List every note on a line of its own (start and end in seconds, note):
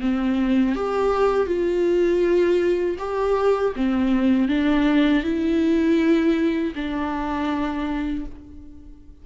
0.00 0.75 C4
0.75 1.46 G4
1.46 2.96 F4
2.98 3.73 G4
3.75 4.48 C4
4.48 5.23 D4
5.23 6.73 E4
6.75 8.25 D4